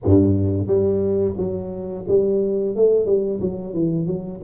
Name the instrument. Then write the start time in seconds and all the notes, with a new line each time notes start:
tuba
0.04 G2
0.67 G3
1.37 F#3
2.07 G3
2.75 A3
3.05 G3
3.41 F#3
3.73 E3
4.06 F#3